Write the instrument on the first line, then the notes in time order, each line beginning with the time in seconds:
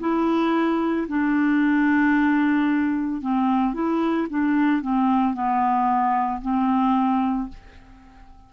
clarinet
0.00 E4
1.08 D4
3.21 C4
3.74 E4
4.29 D4
4.82 C4
5.34 B3
6.41 C4